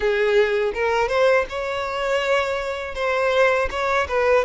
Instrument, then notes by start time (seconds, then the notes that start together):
violin
0.00 G#4
0.74 A#4
1.08 C5
1.49 C#5
2.95 C5
3.70 C#5
4.08 B4